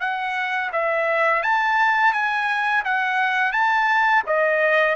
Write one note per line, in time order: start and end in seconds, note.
0.00 0.71 F#5
0.72 1.42 E5
1.42 2.13 A5
2.13 2.83 G#5
2.85 3.52 F#5
3.52 4.23 A5
4.26 4.95 D#5